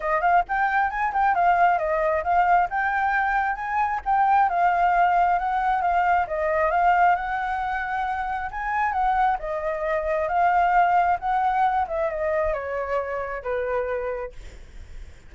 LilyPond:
\new Staff \with { instrumentName = "flute" } { \time 4/4 \tempo 4 = 134 dis''8 f''8 g''4 gis''8 g''8 f''4 | dis''4 f''4 g''2 | gis''4 g''4 f''2 | fis''4 f''4 dis''4 f''4 |
fis''2. gis''4 | fis''4 dis''2 f''4~ | f''4 fis''4. e''8 dis''4 | cis''2 b'2 | }